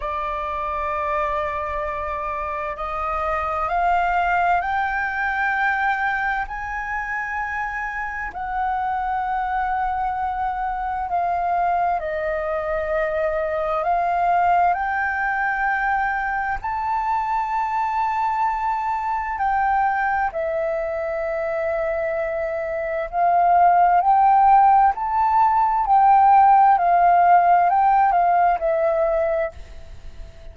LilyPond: \new Staff \with { instrumentName = "flute" } { \time 4/4 \tempo 4 = 65 d''2. dis''4 | f''4 g''2 gis''4~ | gis''4 fis''2. | f''4 dis''2 f''4 |
g''2 a''2~ | a''4 g''4 e''2~ | e''4 f''4 g''4 a''4 | g''4 f''4 g''8 f''8 e''4 | }